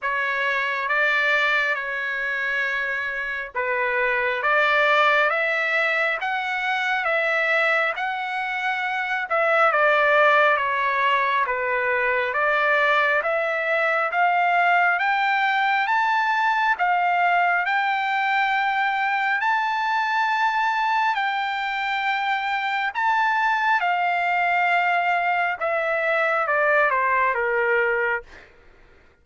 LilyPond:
\new Staff \with { instrumentName = "trumpet" } { \time 4/4 \tempo 4 = 68 cis''4 d''4 cis''2 | b'4 d''4 e''4 fis''4 | e''4 fis''4. e''8 d''4 | cis''4 b'4 d''4 e''4 |
f''4 g''4 a''4 f''4 | g''2 a''2 | g''2 a''4 f''4~ | f''4 e''4 d''8 c''8 ais'4 | }